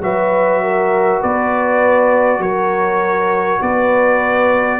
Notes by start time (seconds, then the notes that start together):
0.00 F#3 F#4 B4 E5
0.63 A#4
1.20 B3 B4 D5
2.39 F#3 A#4 C#5
3.61 B3 B4 D5